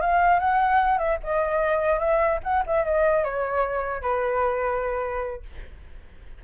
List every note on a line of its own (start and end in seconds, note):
0.00 0.39 F5
0.39 0.98 F#5
0.98 1.18 E5
1.23 1.99 D#5
1.99 2.39 E5
2.43 2.63 F#5
2.66 2.84 E5
2.84 3.24 D#5
3.24 4.02 C#5
4.02 5.43 B4